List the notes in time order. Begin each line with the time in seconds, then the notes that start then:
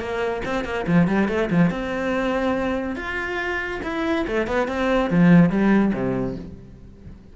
0.00 A#3
0.46 C4
0.65 A#3
0.87 F3
1.08 G3
1.28 A3
1.51 F3
1.70 C4
2.96 F4
3.83 E4
4.28 A3
4.48 B3
4.68 C4
5.10 F3
5.50 G3
5.94 C3